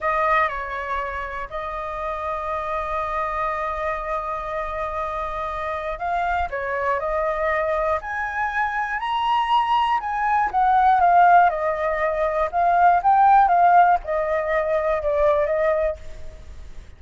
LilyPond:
\new Staff \with { instrumentName = "flute" } { \time 4/4 \tempo 4 = 120 dis''4 cis''2 dis''4~ | dis''1~ | dis''1 | f''4 cis''4 dis''2 |
gis''2 ais''2 | gis''4 fis''4 f''4 dis''4~ | dis''4 f''4 g''4 f''4 | dis''2 d''4 dis''4 | }